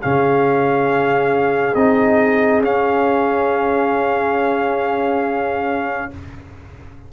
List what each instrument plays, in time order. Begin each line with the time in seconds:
0.00 tuba C#3, trombone C#4, horn G#4, trumpet F5
1.75 tuba C4, trombone D#4, trumpet D#5
2.61 tuba C#4, trombone C#4, trumpet F5